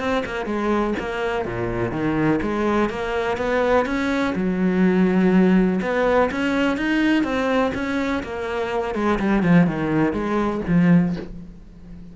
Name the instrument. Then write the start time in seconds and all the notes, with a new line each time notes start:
cello
0.00 C4
0.26 A#3
0.46 G#3
1.00 A#3
1.45 A#2
1.92 D#3
2.42 G#3
2.90 A#3
3.38 B3
3.86 C#4
4.35 F#3
5.82 B3
6.32 C#4
6.77 D#4
7.24 C4
7.75 C#4
8.24 A#3
8.95 G#3
9.19 G3
9.43 F3
9.67 D#3
10.13 G#3
10.68 F3